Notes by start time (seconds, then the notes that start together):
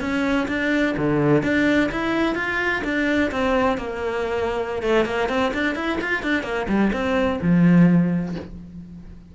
0.00 C#4
0.48 D4
0.97 D3
1.43 D4
1.91 E4
2.35 F4
2.84 D4
3.31 C4
3.77 A#3
4.82 A3
5.05 A#3
5.28 C4
5.53 D4
5.75 E4
6.01 F4
6.22 D4
6.43 A#3
6.68 G3
6.92 C4
7.41 F3